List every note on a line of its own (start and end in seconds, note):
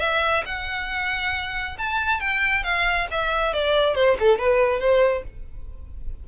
0.00 0.44 E5
0.46 1.77 F#5
1.78 2.20 A5
2.20 2.64 G5
2.64 3.07 F5
3.11 3.54 E5
3.54 3.95 D5
3.95 4.17 C5
4.20 4.39 A4
4.39 4.80 B4
4.80 5.24 C5